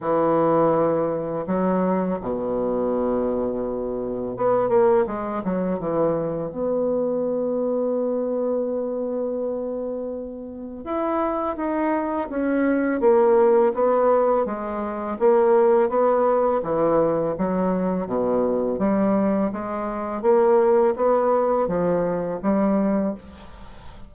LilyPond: \new Staff \with { instrumentName = "bassoon" } { \time 4/4 \tempo 4 = 83 e2 fis4 b,4~ | b,2 b8 ais8 gis8 fis8 | e4 b2.~ | b2. e'4 |
dis'4 cis'4 ais4 b4 | gis4 ais4 b4 e4 | fis4 b,4 g4 gis4 | ais4 b4 f4 g4 | }